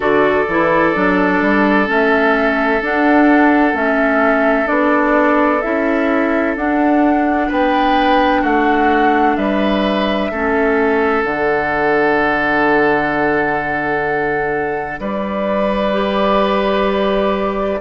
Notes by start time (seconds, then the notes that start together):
0.00 D3 F#4 A4 D5
0.48 E3 E4
0.94 F#3 D4
1.41 G3
1.86 A3 C#4 E5
2.81 D4 F#5
3.73 A3 C#4 E5
4.66 B3 D4 D5
5.61 C#4 E4 E5
6.55 D4 F#5
7.48 B3 B4 G5
8.41 A3 F#4 F#5
9.36 G3 B4 E5
10.31 A3 C#4 A4
11.23 D3 D4 F#5
14.99 G3 B4 D5
15.93 G4